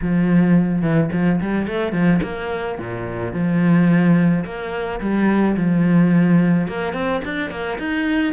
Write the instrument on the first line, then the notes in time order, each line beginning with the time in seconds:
cello
0.01 F3
0.82 E3
1.12 F3
1.40 G3
1.67 A3
1.92 F3
2.22 A#3
2.78 A#2
3.33 F3
4.44 A#3
5.00 G3
5.57 F3
6.68 A#3
6.93 C4
7.24 D4
7.50 A#3
7.78 D#4